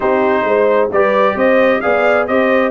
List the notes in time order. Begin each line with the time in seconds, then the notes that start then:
0.00 C4 D#4 G4 C5
0.44 G#3 C5
0.92 G3 G4 B4 D5
1.34 C4 C5 D#5
1.80 B3 G#4 D5 F5
2.27 C4 G4 C5 D#5